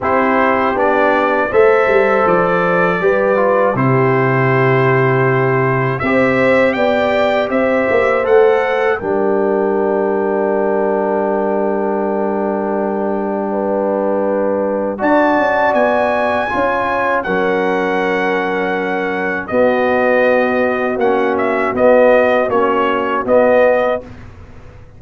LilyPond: <<
  \new Staff \with { instrumentName = "trumpet" } { \time 4/4 \tempo 4 = 80 c''4 d''4 e''4 d''4~ | d''4 c''2. | e''4 g''4 e''4 fis''4 | g''1~ |
g''1 | a''4 gis''2 fis''4~ | fis''2 dis''2 | fis''8 e''8 dis''4 cis''4 dis''4 | }
  \new Staff \with { instrumentName = "horn" } { \time 4/4 g'2 c''2 | b'4 g'2. | c''4 d''4 c''2 | ais'1~ |
ais'2 b'2 | d''2 cis''4 ais'4~ | ais'2 fis'2~ | fis'1 | }
  \new Staff \with { instrumentName = "trombone" } { \time 4/4 e'4 d'4 a'2 | g'8 f'8 e'2. | g'2. a'4 | d'1~ |
d'1 | fis'2 f'4 cis'4~ | cis'2 b2 | cis'4 b4 cis'4 b4 | }
  \new Staff \with { instrumentName = "tuba" } { \time 4/4 c'4 b4 a8 g8 f4 | g4 c2. | c'4 b4 c'8 ais8 a4 | g1~ |
g1 | d'8 cis'8 b4 cis'4 fis4~ | fis2 b2 | ais4 b4 ais4 b4 | }
>>